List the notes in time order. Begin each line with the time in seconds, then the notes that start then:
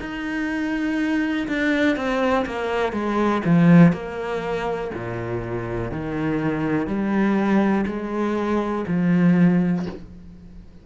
0.00 D#4
1.48 D4
1.96 C4
2.46 A#3
2.93 G#3
3.45 F3
3.93 A#3
4.94 A#2
5.92 D#3
6.87 G3
7.87 G#3
8.87 F3